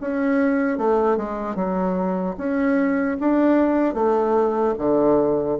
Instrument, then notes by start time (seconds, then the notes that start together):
bassoon
0.00 C#4
0.77 A3
1.17 G#3
1.55 F#3
2.37 C#4
3.20 D4
3.94 A3
4.78 D3